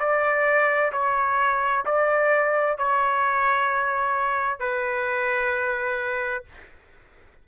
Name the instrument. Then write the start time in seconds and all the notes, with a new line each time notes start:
trumpet
0.00 D5
0.93 C#5
1.86 D5
2.79 C#5
4.60 B4